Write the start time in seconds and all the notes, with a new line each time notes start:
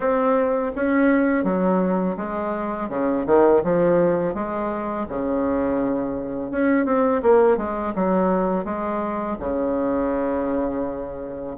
0.00 C4
0.75 C#4
1.44 F#3
2.17 G#3
2.89 C#3
3.26 D#3
3.63 F3
4.34 G#3
5.09 C#3
6.51 C#4
6.85 C4
7.22 A#3
7.57 G#3
7.95 F#3
8.64 G#3
9.39 C#3